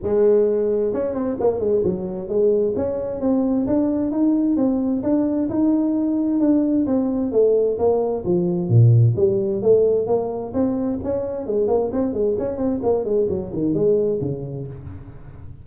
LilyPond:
\new Staff \with { instrumentName = "tuba" } { \time 4/4 \tempo 4 = 131 gis2 cis'8 c'8 ais8 gis8 | fis4 gis4 cis'4 c'4 | d'4 dis'4 c'4 d'4 | dis'2 d'4 c'4 |
a4 ais4 f4 ais,4 | g4 a4 ais4 c'4 | cis'4 gis8 ais8 c'8 gis8 cis'8 c'8 | ais8 gis8 fis8 dis8 gis4 cis4 | }